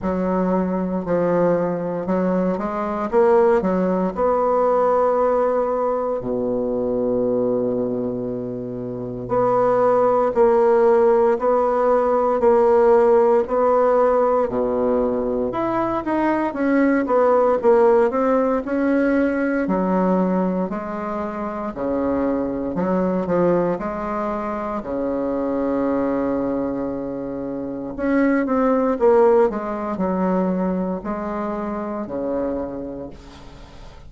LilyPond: \new Staff \with { instrumentName = "bassoon" } { \time 4/4 \tempo 4 = 58 fis4 f4 fis8 gis8 ais8 fis8 | b2 b,2~ | b,4 b4 ais4 b4 | ais4 b4 b,4 e'8 dis'8 |
cis'8 b8 ais8 c'8 cis'4 fis4 | gis4 cis4 fis8 f8 gis4 | cis2. cis'8 c'8 | ais8 gis8 fis4 gis4 cis4 | }